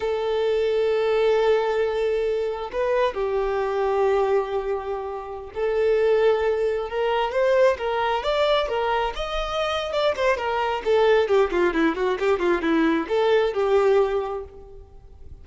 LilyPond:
\new Staff \with { instrumentName = "violin" } { \time 4/4 \tempo 4 = 133 a'1~ | a'2 b'4 g'4~ | g'1~ | g'16 a'2. ais'8.~ |
ais'16 c''4 ais'4 d''4 ais'8.~ | ais'16 dis''4.~ dis''16 d''8 c''8 ais'4 | a'4 g'8 f'8 e'8 fis'8 g'8 f'8 | e'4 a'4 g'2 | }